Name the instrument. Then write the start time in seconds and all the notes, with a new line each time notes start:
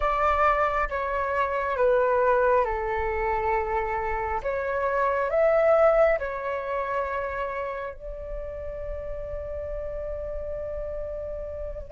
flute
0.00 D5
0.89 C#5
1.76 B4
2.65 A4
4.42 C#5
5.30 E5
6.18 C#5
7.94 D5